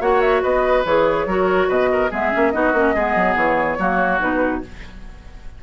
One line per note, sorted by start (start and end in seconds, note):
0.00 0.42 A#3
0.00 0.84 F#4
0.00 0.42 C#5
0.00 0.20 F#5
0.20 0.41 E5
0.42 0.84 B3
0.42 1.26 B4
0.42 0.84 D#5
0.84 1.25 E3
0.84 1.28 G#4
0.84 1.69 C#5
1.25 1.67 F#3
1.25 2.10 F#4
1.25 1.67 A#4
1.67 2.10 B2
1.67 1.88 B4
1.67 2.11 D#5
1.92 2.10 A#4
2.10 2.33 G#3
2.10 2.31 B3
2.10 2.52 G#4
2.10 2.50 E5
2.31 2.54 A#3
2.31 2.52 C#4
2.50 2.73 B3
2.50 2.73 D#4
2.50 2.94 F#4
2.50 3.34 D#5
2.73 2.94 A#3
2.73 2.94 C#4
2.94 3.15 G#3
2.94 3.78 B3
2.94 3.78 G#4
3.15 3.35 F#3
3.35 3.77 E3
3.35 4.20 C#5
3.78 4.20 F#3
3.78 4.19 A#3
3.78 4.62 F#4
4.19 4.63 B2
4.19 4.61 D#4
4.19 4.62 B4